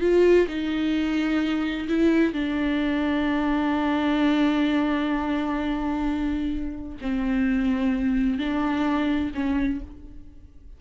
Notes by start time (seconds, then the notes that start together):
0.00 F4
0.48 D#4
1.88 E4
2.33 D4
7.01 C4
8.38 D4
9.34 C#4